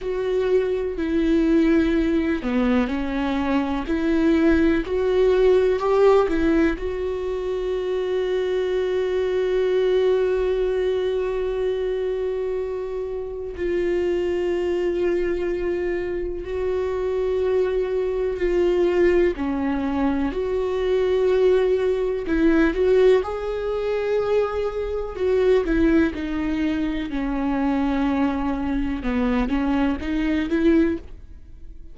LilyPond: \new Staff \with { instrumentName = "viola" } { \time 4/4 \tempo 4 = 62 fis'4 e'4. b8 cis'4 | e'4 fis'4 g'8 e'8 fis'4~ | fis'1~ | fis'2 f'2~ |
f'4 fis'2 f'4 | cis'4 fis'2 e'8 fis'8 | gis'2 fis'8 e'8 dis'4 | cis'2 b8 cis'8 dis'8 e'8 | }